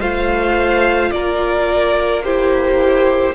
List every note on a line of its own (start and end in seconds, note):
0.00 1.11 A3
0.00 2.22 F4
0.00 1.11 C5
0.00 1.11 F5
1.11 3.35 A#3
1.11 2.24 A#4
1.11 2.22 D5
2.24 3.35 E4
2.24 3.35 G4
2.24 3.35 C5